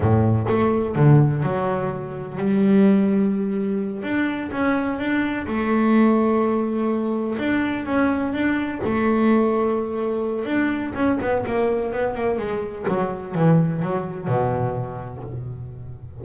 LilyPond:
\new Staff \with { instrumentName = "double bass" } { \time 4/4 \tempo 4 = 126 a,4 a4 d4 fis4~ | fis4 g2.~ | g8 d'4 cis'4 d'4 a8~ | a2.~ a8 d'8~ |
d'8 cis'4 d'4 a4.~ | a2 d'4 cis'8 b8 | ais4 b8 ais8 gis4 fis4 | e4 fis4 b,2 | }